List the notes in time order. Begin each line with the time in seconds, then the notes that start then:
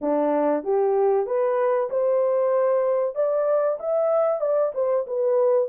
0.01 D4
0.63 G4
1.26 B4
1.90 C5
3.15 D5
3.79 E5
4.40 D5
4.74 C5
5.06 B4